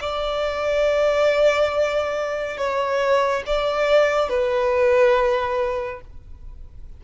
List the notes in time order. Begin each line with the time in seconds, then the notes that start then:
0.00 D5
2.57 C#5
3.46 D5
4.29 B4